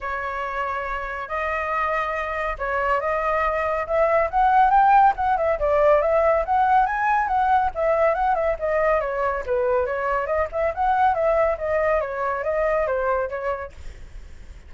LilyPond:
\new Staff \with { instrumentName = "flute" } { \time 4/4 \tempo 4 = 140 cis''2. dis''4~ | dis''2 cis''4 dis''4~ | dis''4 e''4 fis''4 g''4 | fis''8 e''8 d''4 e''4 fis''4 |
gis''4 fis''4 e''4 fis''8 e''8 | dis''4 cis''4 b'4 cis''4 | dis''8 e''8 fis''4 e''4 dis''4 | cis''4 dis''4 c''4 cis''4 | }